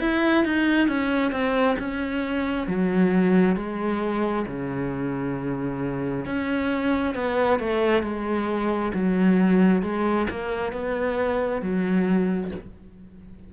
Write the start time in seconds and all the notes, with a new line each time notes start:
0.00 E4
0.45 D#4
0.88 C#4
1.31 C4
1.79 C#4
2.67 F#3
3.56 G#3
4.47 C#3
6.26 C#4
7.15 B3
7.60 A3
8.03 G#3
8.94 F#3
9.83 G#3
10.30 A#3
10.73 B3
11.62 F#3